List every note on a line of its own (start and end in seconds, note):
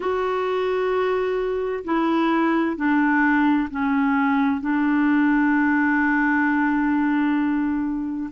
0.00 1.83 F#4
1.84 2.76 E4
2.76 3.68 D4
3.70 4.60 C#4
4.60 8.30 D4